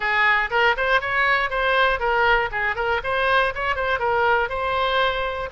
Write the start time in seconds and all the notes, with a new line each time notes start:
0.00 G#4
0.50 A#4
0.76 C5
1.00 C#5
1.50 C5
1.99 A#4
2.51 G#4
2.75 A#4
3.03 C5
3.54 C#5
3.75 C5
3.99 A#4
4.49 C5